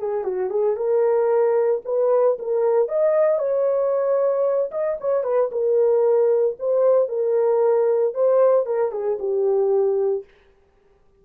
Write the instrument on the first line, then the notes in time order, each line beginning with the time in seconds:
horn
0.00 G#4
0.25 F#4
0.50 G#4
0.77 A#4
1.85 B4
2.39 A#4
2.89 D#5
3.39 C#5
4.72 D#5
5.01 C#5
5.24 B4
5.52 A#4
6.60 C5
7.09 A#4
8.14 C5
8.67 A#4
8.92 G#4
9.20 G4